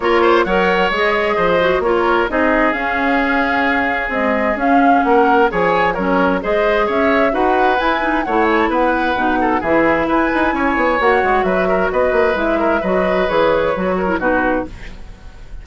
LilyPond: <<
  \new Staff \with { instrumentName = "flute" } { \time 4/4 \tempo 4 = 131 cis''4 fis''4 dis''2 | cis''4 dis''4 f''2~ | f''4 dis''4 f''4 fis''4 | gis''4 cis''4 dis''4 e''4 |
fis''4 gis''4 fis''8 gis''16 a''16 fis''4~ | fis''4 e''4 gis''2 | fis''4 e''4 dis''4 e''4 | dis''4 cis''2 b'4 | }
  \new Staff \with { instrumentName = "oboe" } { \time 4/4 ais'8 c''8 cis''2 c''4 | ais'4 gis'2.~ | gis'2. ais'4 | cis''4 ais'4 c''4 cis''4 |
b'2 cis''4 b'4~ | b'8 a'8 gis'4 b'4 cis''4~ | cis''4 b'8 ais'8 b'4. ais'8 | b'2~ b'8 ais'8 fis'4 | }
  \new Staff \with { instrumentName = "clarinet" } { \time 4/4 f'4 ais'4 gis'4. fis'8 | f'4 dis'4 cis'2~ | cis'4 gis4 cis'2 | gis'4 cis'4 gis'2 |
fis'4 e'8 dis'8 e'2 | dis'4 e'2. | fis'2. e'4 | fis'4 gis'4 fis'8. e'16 dis'4 | }
  \new Staff \with { instrumentName = "bassoon" } { \time 4/4 ais4 fis4 gis4 f4 | ais4 c'4 cis'2~ | cis'4 c'4 cis'4 ais4 | f4 fis4 gis4 cis'4 |
dis'4 e'4 a4 b4 | b,4 e4 e'8 dis'8 cis'8 b8 | ais8 gis8 fis4 b8 ais8 gis4 | fis4 e4 fis4 b,4 | }
>>